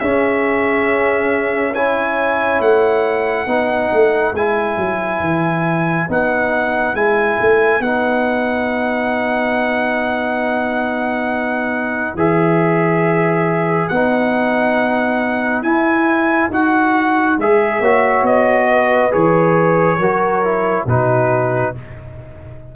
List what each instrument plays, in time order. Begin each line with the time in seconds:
0.00 trombone C#4, tuba C#4, horn G#4, trumpet E5
1.74 trombone E4, horn C#5, trumpet G#5
2.60 tuba A3, trumpet F#5
3.46 tuba B3, trombone D#4, horn B4
3.93 tuba A3
4.33 tuba G#3, trombone E4, trumpet G#5
4.77 tuba F#3
5.20 tuba E3
6.09 tuba B3, trombone D#4, trumpet F#5
6.94 tuba G#3, trombone E4, trumpet G#5
7.41 tuba A3
7.79 tuba B3, trombone D#4, trumpet F#5
12.15 tuba E3, trombone G#4, trumpet E5
13.88 tuba B3, trombone D#4, trumpet F#5
15.62 tuba E4, trombone E4, trumpet G#5
16.50 tuba D#4, trombone F#4, trumpet F#5
17.38 tuba G#3, trombone G#4, trumpet E5
17.80 tuba A#3, trombone F#4, horn C#5
18.22 tuba B3, trumpet D#5
18.70 horn B4
19.11 tuba E3, trombone G#4, trumpet C#5
19.98 tuba F#3, trombone F#4, horn A#4
20.44 trombone E4
20.86 tuba B2, trombone D#4, horn F#4, trumpet B4